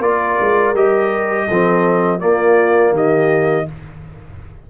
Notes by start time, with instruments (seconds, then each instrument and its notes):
0.00 tuba A#3, trombone F4, horn A#4, trumpet D5
0.40 tuba G#3
0.74 tuba G3, trombone G4, trumpet D#5
1.47 tuba F3, trombone C4, horn A4
2.19 trombone A#3, tuba A#3, horn F4, trumpet D5
2.91 tuba D#3, horn G4, trumpet D#5